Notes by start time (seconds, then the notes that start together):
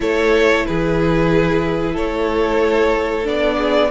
0.00 A3 E4 A4 C#5
0.65 E3 G#4 B4
1.93 A3 A4 C#5
3.24 B3 D4 D5
3.56 G#4